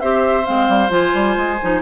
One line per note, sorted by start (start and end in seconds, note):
0.00 0.47 C4
0.00 0.44 G4
0.00 1.82 C5
0.00 0.45 E5
0.44 0.68 G#3
0.44 0.89 C4
0.44 0.90 F5
0.68 0.90 G3
0.89 1.12 F3
0.89 1.57 F4
0.89 1.82 G#5
1.14 1.37 G3
1.37 1.59 G#3
1.62 1.82 F3
1.62 1.82 D#4